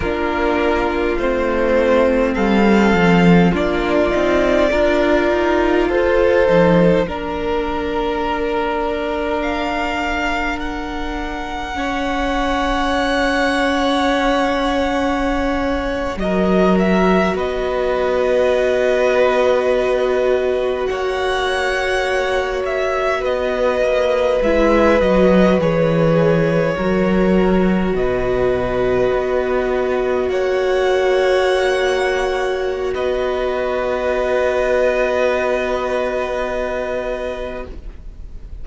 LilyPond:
<<
  \new Staff \with { instrumentName = "violin" } { \time 4/4 \tempo 4 = 51 ais'4 c''4 f''4 d''4~ | d''4 c''4 ais'2 | f''4 fis''2.~ | fis''4.~ fis''16 dis''8 e''8 dis''4~ dis''16~ |
dis''4.~ dis''16 fis''4. e''8 dis''16~ | dis''8. e''8 dis''8 cis''2 dis''16~ | dis''4.~ dis''16 fis''2~ fis''16 | dis''1 | }
  \new Staff \with { instrumentName = "violin" } { \time 4/4 f'2 a'4 f'4 | ais'4 a'4 ais'2~ | ais'2 cis''2~ | cis''4.~ cis''16 ais'4 b'4~ b'16~ |
b'4.~ b'16 cis''2 b'16~ | b'2~ b'8. ais'4 b'16~ | b'4.~ b'16 cis''2~ cis''16 | b'1 | }
  \new Staff \with { instrumentName = "viola" } { \time 4/4 d'4 c'2 d'8 dis'8 | f'4. dis'8 d'2~ | d'2 cis'2~ | cis'4.~ cis'16 fis'2~ fis'16~ |
fis'1~ | fis'8. e'8 fis'8 gis'4 fis'4~ fis'16~ | fis'1~ | fis'1 | }
  \new Staff \with { instrumentName = "cello" } { \time 4/4 ais4 a4 g8 f8 ais8 c'8 | d'8 dis'8 f'8 f8 ais2~ | ais1~ | ais4.~ ais16 fis4 b4~ b16~ |
b4.~ b16 ais2 b16~ | b16 ais8 gis8 fis8 e4 fis4 b,16~ | b,8. b4 ais2~ ais16 | b1 | }
>>